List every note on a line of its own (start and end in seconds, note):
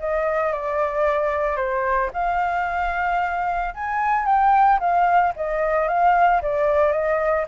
0.00 0.53 D#5
0.53 1.57 D5
1.57 2.11 C5
2.14 3.75 F5
3.75 4.26 G#5
4.26 4.80 G5
4.80 5.34 F5
5.36 5.89 D#5
5.89 6.42 F5
6.42 6.92 D5
6.92 7.46 D#5